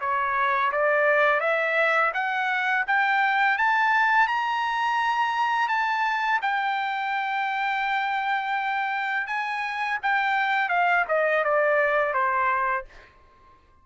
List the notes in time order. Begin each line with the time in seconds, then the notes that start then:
0.00 C#5
0.72 D5
1.40 E5
2.14 F#5
2.87 G5
3.58 A5
4.28 A#5
5.68 A5
6.42 G5
9.27 G#5
10.03 G5
10.69 F5
11.08 D#5
11.44 D5
12.13 C5